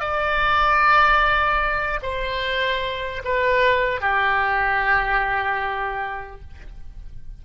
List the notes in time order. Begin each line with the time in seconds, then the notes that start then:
0.00 D5
2.02 C5
3.24 B4
4.01 G4